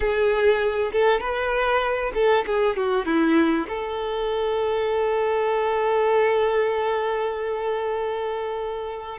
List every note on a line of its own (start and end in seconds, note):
0.00 0.91 G#4
0.92 1.20 A4
1.20 2.12 B4
2.14 2.45 A4
2.46 2.76 G#4
2.76 3.05 F#4
3.05 3.66 E4
3.68 9.18 A4